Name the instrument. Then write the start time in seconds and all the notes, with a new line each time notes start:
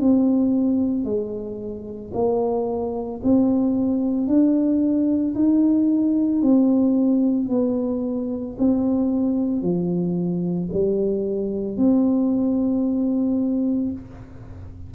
tuba
0.00 C4
1.04 G#3
2.14 A#3
3.23 C4
4.27 D4
5.35 D#4
6.42 C4
7.49 B3
8.59 C4
9.62 F3
10.73 G3
11.77 C4